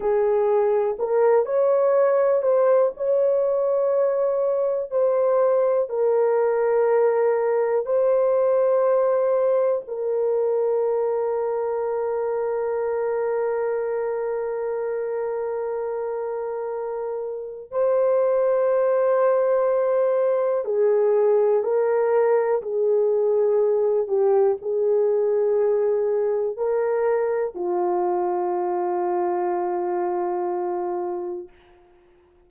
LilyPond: \new Staff \with { instrumentName = "horn" } { \time 4/4 \tempo 4 = 61 gis'4 ais'8 cis''4 c''8 cis''4~ | cis''4 c''4 ais'2 | c''2 ais'2~ | ais'1~ |
ais'2 c''2~ | c''4 gis'4 ais'4 gis'4~ | gis'8 g'8 gis'2 ais'4 | f'1 | }